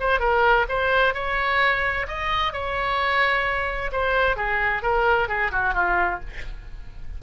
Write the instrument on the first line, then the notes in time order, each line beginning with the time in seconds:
oboe
0.00 C5
0.20 A#4
0.68 C5
1.14 C#5
2.07 D#5
2.53 C#5
3.92 C5
4.36 G#4
4.83 A#4
5.28 G#4
5.52 F#4
5.74 F4